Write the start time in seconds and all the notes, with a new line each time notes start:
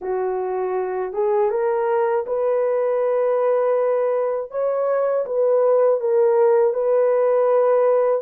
0.01 F#4
1.13 G#4
1.50 A#4
2.26 B4
4.50 C#5
5.25 B4
6.00 A#4
6.73 B4